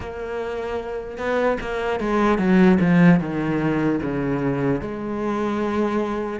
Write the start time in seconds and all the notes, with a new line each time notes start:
0.00 A#3
1.17 B3
1.60 A#3
2.00 G#3
2.38 F#3
2.80 F3
3.20 D#3
4.01 C#3
4.81 G#3